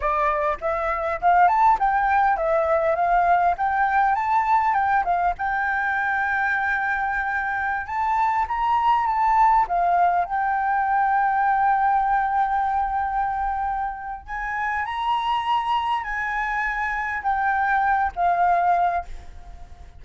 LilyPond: \new Staff \with { instrumentName = "flute" } { \time 4/4 \tempo 4 = 101 d''4 e''4 f''8 a''8 g''4 | e''4 f''4 g''4 a''4 | g''8 f''8 g''2.~ | g''4~ g''16 a''4 ais''4 a''8.~ |
a''16 f''4 g''2~ g''8.~ | g''1 | gis''4 ais''2 gis''4~ | gis''4 g''4. f''4. | }